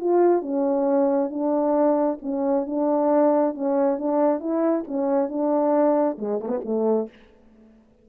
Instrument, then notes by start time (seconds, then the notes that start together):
horn
0.00 F4
0.42 C#4
1.30 D4
2.22 C#4
2.66 D4
3.54 C#4
3.98 D4
4.40 E4
4.87 C#4
5.29 D4
6.18 G#3
6.40 A3
6.48 B3
6.65 A3